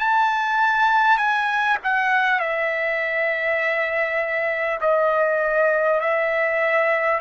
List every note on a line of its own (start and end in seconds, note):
0.00 1.18 A5
1.18 1.78 G#5
1.84 2.39 F#5
2.39 4.79 E5
4.81 6.01 D#5
6.01 7.21 E5